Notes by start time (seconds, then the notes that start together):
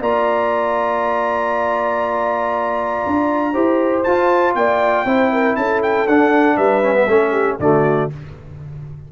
0.00 A#3 F4 D5 A#5
3.06 D4
3.53 E4 G4 C5
4.03 F4 A5
4.55 A#3 D5 G5
5.05 C4 E4 C5
5.32 A#4
5.56 C#4 A4 A5
5.82 G5
6.07 D4 F#5
6.57 G3 B4 E5
6.83 C#4
6.94 B3
7.07 A3 C#4 A4
7.31 G4
7.59 D3 A3 F#4 D5